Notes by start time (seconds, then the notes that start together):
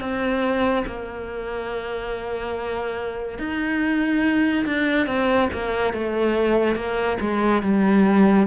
0.00 C4
0.86 A#3
3.38 D#4
4.66 D4
5.07 C4
5.53 A#3
5.93 A3
6.75 A#3
7.21 G#3
7.62 G3